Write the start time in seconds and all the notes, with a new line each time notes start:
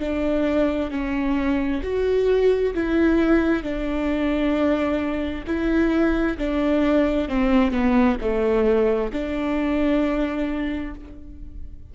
0.00 D4
0.91 C#4
1.83 F#4
2.74 E4
3.63 D4
5.47 E4
6.38 D4
7.29 C4
7.71 B3
8.21 A3
9.13 D4